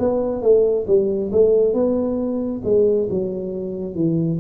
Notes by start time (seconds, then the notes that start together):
0.00 B3
0.43 A3
0.87 G3
1.32 A3
1.74 B3
2.64 G#3
3.10 F#3
3.95 E3